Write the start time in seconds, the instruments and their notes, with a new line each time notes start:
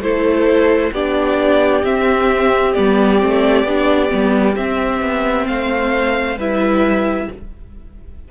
0.00 cello A3, viola E4, violin A4 C5
0.92 cello B3, viola D4, violin G4 D5
1.83 viola C4, cello C4, violin E5
2.74 cello G3, viola B3, violin D5
3.20 cello A3, viola C4
3.64 cello B3, viola D4
4.09 cello G3, viola B3
4.57 cello C4, viola C4, violin E5
5.02 cello B3
5.48 cello A3, violin C5 F5
6.37 cello G3, viola E4, violin B4 E5